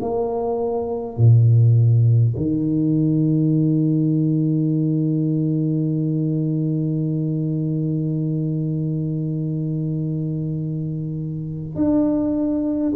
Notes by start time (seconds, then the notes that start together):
0.00 A#3
1.17 A#2
2.36 D#3
11.75 D4